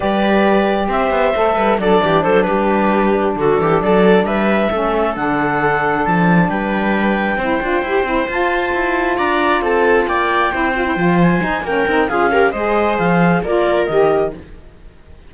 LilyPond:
<<
  \new Staff \with { instrumentName = "clarinet" } { \time 4/4 \tempo 4 = 134 d''2 e''2 | d''4 c''8 b'2 a'8~ | a'8 d''4 e''2 fis''8~ | fis''4. a''4 g''4.~ |
g''2~ g''8 a''4.~ | a''8 ais''4 a''4 g''4.~ | g''4 gis''4 g''4 f''4 | dis''4 f''4 d''4 dis''4 | }
  \new Staff \with { instrumentName = "viola" } { \time 4/4 b'2 c''4. b'8 | a'8 g'8 a'8 g'2 fis'8 | g'8 a'4 b'4 a'4.~ | a'2~ a'8 b'4.~ |
b'8 c''2.~ c''8~ | c''8 d''4 a'4 d''4 c''8~ | c''2 ais'4 gis'8 ais'8 | c''2 ais'2 | }
  \new Staff \with { instrumentName = "saxophone" } { \time 4/4 g'2. a'4 | d'1~ | d'2~ d'8 cis'4 d'8~ | d'1~ |
d'8 e'8 f'8 g'8 e'8 f'4.~ | f'2.~ f'8 e'8 | f'16 e'16 f'4 dis'8 cis'8 dis'8 f'8 g'8 | gis'2 f'4 g'4 | }
  \new Staff \with { instrumentName = "cello" } { \time 4/4 g2 c'8 b8 a8 g8 | fis8 e8 fis8 g2 d8 | e8 fis4 g4 a4 d8~ | d4. f4 g4.~ |
g8 c'8 d'8 e'8 c'8 f'4 e'8~ | e'8 d'4 c'4 ais4 c'8~ | c'8 f4 dis'8 ais8 c'8 cis'4 | gis4 f4 ais4 dis4 | }
>>